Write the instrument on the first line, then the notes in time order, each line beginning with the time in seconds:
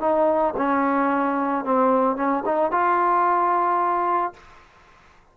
trombone
0.00 D#4
0.57 C#4
1.64 C4
2.16 C#4
2.45 D#4
2.71 F4